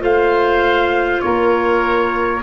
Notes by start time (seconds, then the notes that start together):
0.00 A3 F4 C5 F5
1.21 A#3 A#4 C#5